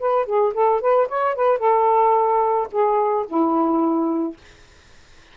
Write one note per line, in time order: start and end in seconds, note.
0.00 0.26 B4
0.26 0.53 G#4
0.54 0.81 A4
0.81 1.08 B4
1.09 1.35 C#5
1.35 1.59 B4
1.59 2.68 A4
2.72 3.27 G#4
3.28 4.37 E4